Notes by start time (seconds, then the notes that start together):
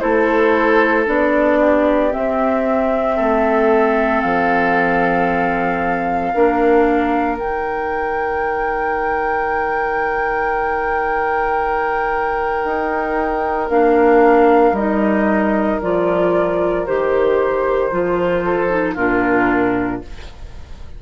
0.00 A3 E4 A4 C5
1.06 B3 D4 D5
1.60 G4
2.12 C4 E5
3.16 A3 A4
4.21 F3 F5
6.34 A#3 D4 A#4
7.38 D#3 D#4 G5
12.65 D#4
13.70 A#3 D4 F5
14.72 G3 D#4 D#5
15.82 F3 F4 D5
16.87 D#3 G4 C5
17.91 F3 F4
18.45 A4
18.70 D#4
18.95 A#2 D4 F4 A#4